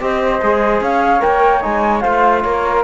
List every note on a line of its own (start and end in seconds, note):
0.00 0.41 C4
0.00 0.41 G4
0.00 0.82 C5
0.00 0.81 D#5
0.41 0.80 G#3
0.41 1.20 G#4
0.80 1.21 C#4
0.80 2.02 C#5
0.80 1.22 F5
1.20 1.64 A#3
1.20 1.60 A#4
1.20 1.62 G5
1.61 2.04 G#3
1.61 2.02 D#4
1.61 2.00 G#5
2.00 2.44 A3
2.00 2.84 F4
2.00 2.42 C5
2.00 2.40 F5
2.41 2.84 A#3
2.41 2.84 A#4
2.41 2.82 C#5